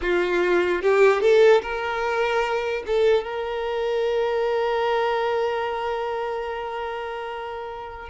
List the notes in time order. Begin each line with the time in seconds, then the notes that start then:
0.01 F4
0.81 G4
1.21 A4
1.62 A#4
2.86 A4
3.24 A#4